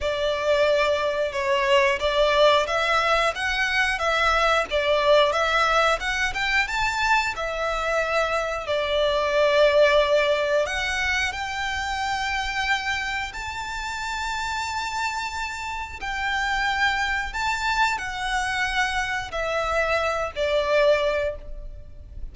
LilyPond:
\new Staff \with { instrumentName = "violin" } { \time 4/4 \tempo 4 = 90 d''2 cis''4 d''4 | e''4 fis''4 e''4 d''4 | e''4 fis''8 g''8 a''4 e''4~ | e''4 d''2. |
fis''4 g''2. | a''1 | g''2 a''4 fis''4~ | fis''4 e''4. d''4. | }